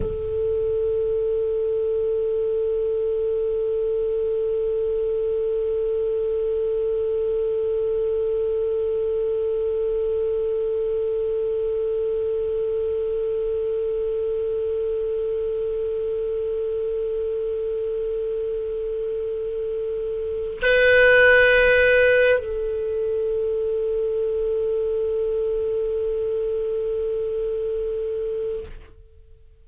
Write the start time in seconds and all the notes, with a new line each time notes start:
0.00 A4
20.62 B4
22.38 A4